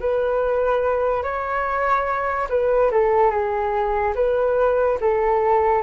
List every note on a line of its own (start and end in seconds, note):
0.00 1.23 B4
1.23 2.48 C#5
2.49 2.91 B4
2.91 3.30 A4
3.30 4.14 G#4
4.15 4.98 B4
5.00 5.82 A4